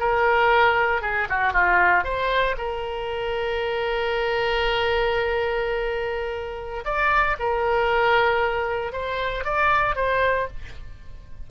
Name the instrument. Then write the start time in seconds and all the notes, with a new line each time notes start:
oboe
0.00 A#4
1.02 G#4
1.30 F#4
1.53 F4
2.04 C5
2.58 A#4
6.85 D5
7.40 A#4
8.93 C5
9.45 D5
9.96 C5